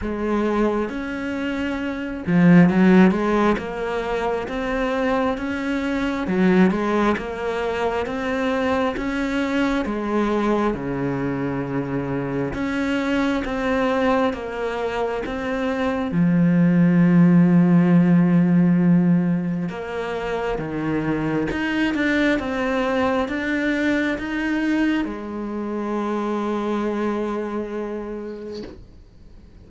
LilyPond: \new Staff \with { instrumentName = "cello" } { \time 4/4 \tempo 4 = 67 gis4 cis'4. f8 fis8 gis8 | ais4 c'4 cis'4 fis8 gis8 | ais4 c'4 cis'4 gis4 | cis2 cis'4 c'4 |
ais4 c'4 f2~ | f2 ais4 dis4 | dis'8 d'8 c'4 d'4 dis'4 | gis1 | }